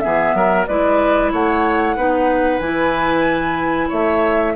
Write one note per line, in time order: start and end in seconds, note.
0.00 0.34 E3
0.00 0.67 B3
0.00 0.35 G#4
0.00 0.65 E5
0.34 0.66 F#3
0.34 0.68 A#4
0.66 1.32 G#3
0.66 1.97 E4
0.66 1.31 B4
0.66 1.31 D5
1.31 1.96 A3
1.31 1.96 C#5
1.31 2.59 F#5
1.96 2.59 B3
1.96 2.61 D#4
1.96 3.88 B4
2.59 3.88 E3
2.59 4.55 E4
2.59 3.88 G#5
3.88 4.55 A3
3.88 4.53 C#5
3.88 4.55 E5